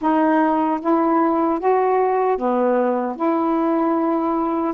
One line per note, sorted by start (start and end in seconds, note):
0.01 0.80 D#4
0.81 1.59 E4
1.59 2.37 F#4
2.37 3.16 B3
3.16 4.74 E4